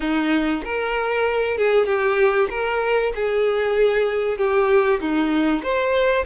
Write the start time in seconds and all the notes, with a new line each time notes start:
0.00 D#4
0.64 A#4
1.57 G#4
1.86 G4
2.50 A#4
3.15 G#4
4.37 G4
5.00 D#4
5.62 C5